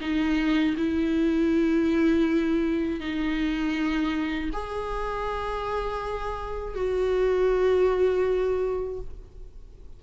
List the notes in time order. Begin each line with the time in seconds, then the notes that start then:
0.00 D#4
0.77 E4
3.00 D#4
4.52 G#4
6.75 F#4